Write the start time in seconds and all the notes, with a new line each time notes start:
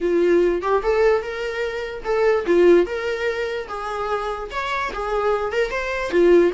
0.00 F4
0.61 G4
0.83 A4
1.22 A#4
2.04 A4
2.45 F4
2.86 A#4
3.68 G#4
4.50 C#5
4.93 G#4
5.52 A#4
5.70 C5
6.10 F4